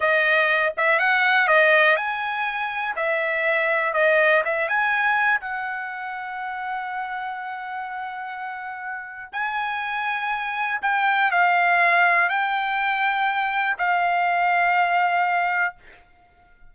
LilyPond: \new Staff \with { instrumentName = "trumpet" } { \time 4/4 \tempo 4 = 122 dis''4. e''8 fis''4 dis''4 | gis''2 e''2 | dis''4 e''8 gis''4. fis''4~ | fis''1~ |
fis''2. gis''4~ | gis''2 g''4 f''4~ | f''4 g''2. | f''1 | }